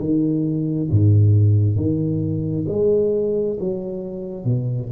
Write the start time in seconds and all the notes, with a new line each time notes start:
0.00 D#3
0.91 G#2
1.77 D#3
2.69 G#3
3.60 F#3
4.45 B2